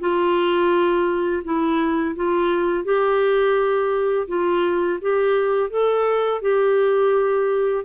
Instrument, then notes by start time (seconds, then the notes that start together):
clarinet
0.00 F4
1.44 E4
2.15 F4
2.84 G4
4.28 F4
5.01 G4
5.70 A4
6.42 G4